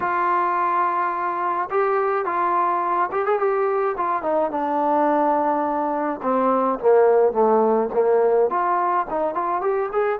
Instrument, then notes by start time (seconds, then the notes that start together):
trombone
0.00 F4
1.70 G4
2.25 F4
3.11 G4
3.25 G#4
3.39 G4
3.97 F4
4.22 D#4
4.50 D4
6.22 C4
6.79 A#3
7.32 A3
7.93 A#3
8.49 F4
9.10 D#4
9.34 F4
9.61 G4
9.92 G#4